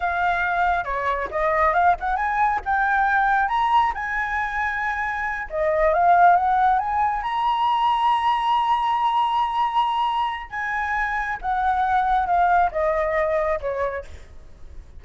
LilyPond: \new Staff \with { instrumentName = "flute" } { \time 4/4 \tempo 4 = 137 f''2 cis''4 dis''4 | f''8 fis''8 gis''4 g''2 | ais''4 gis''2.~ | gis''8 dis''4 f''4 fis''4 gis''8~ |
gis''8 ais''2.~ ais''8~ | ais''1 | gis''2 fis''2 | f''4 dis''2 cis''4 | }